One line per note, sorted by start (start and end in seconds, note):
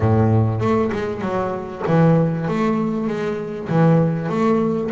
0.00 0.60 A2
0.60 0.90 A3
0.92 1.21 G#3
1.21 1.82 F#3
1.87 2.48 E3
2.48 3.07 A3
3.07 3.68 G#3
3.68 4.29 E3
4.29 4.90 A3